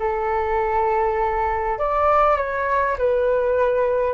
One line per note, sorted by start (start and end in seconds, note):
0.00 1.79 A4
1.79 2.38 D5
2.38 2.98 C#5
2.99 4.14 B4